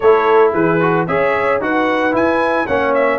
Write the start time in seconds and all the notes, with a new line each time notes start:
0.00 A3 E4 A4 C#5
0.52 E3 G#4 B4
0.80 F#4
1.07 C#4 G#4 C#5 E5
1.60 D#4 F#4 B4 F#5
2.11 E4 G#5
2.66 A#3 C#4 C#5 F#5
2.94 E5